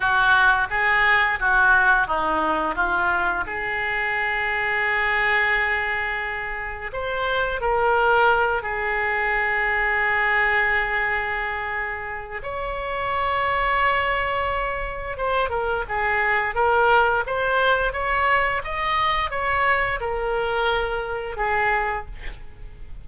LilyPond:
\new Staff \with { instrumentName = "oboe" } { \time 4/4 \tempo 4 = 87 fis'4 gis'4 fis'4 dis'4 | f'4 gis'2.~ | gis'2 c''4 ais'4~ | ais'8 gis'2.~ gis'8~ |
gis'2 cis''2~ | cis''2 c''8 ais'8 gis'4 | ais'4 c''4 cis''4 dis''4 | cis''4 ais'2 gis'4 | }